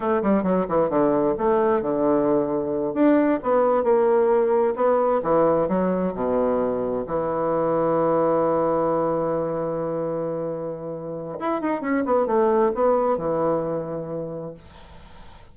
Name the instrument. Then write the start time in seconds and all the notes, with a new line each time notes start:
bassoon
0.00 A3
0.22 G3
0.43 F#3
0.68 E3
0.89 D3
1.38 A3
1.82 D3
2.94 D4
3.43 B3
3.83 A#3
4.75 B3
5.23 E3
5.68 F#3
6.14 B2
7.06 E3
11.39 E4
11.61 D#4
11.81 C#4
12.05 B3
12.26 A3
12.74 B3
13.17 E3